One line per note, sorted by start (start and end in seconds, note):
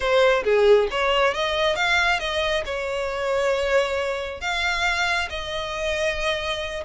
0.00 0.43 C5
0.44 0.88 G#4
0.90 1.34 C#5
1.34 1.75 D#5
1.75 2.19 F5
2.19 2.64 D#5
2.65 4.40 C#5
4.40 5.29 F5
5.29 6.84 D#5